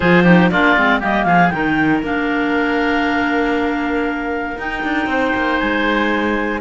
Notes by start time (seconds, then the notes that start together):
0.00 F3 F4 G#4 C5
0.23 D#4 G4
0.50 A#3 D4 F4 D5
0.76 G#3 C4
0.99 G3 A#3 G4 D#5
1.24 F3 G#4 F5
1.49 D#3 D#4 A#4 G5
2.03 A#3 D4 F5
4.57 D#4 G5
4.83 D4
5.06 C4 C5
5.35 A#3
5.59 G#3 G#5